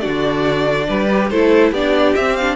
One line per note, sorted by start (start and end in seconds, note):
0.00 0.89 D3
0.00 1.07 D4
0.00 0.87 F#4
0.00 1.28 D5
0.88 1.30 G3
0.88 1.30 B4
1.11 1.32 G4
1.30 1.72 A3
1.30 1.75 E4
1.30 1.71 A4
1.30 1.72 C5
1.71 2.14 B3
1.71 2.17 D4
1.71 2.56 G4
1.71 2.15 D5
2.15 2.56 C4
2.15 2.40 C4
2.15 2.36 E5
2.36 2.56 D4
2.36 2.56 F5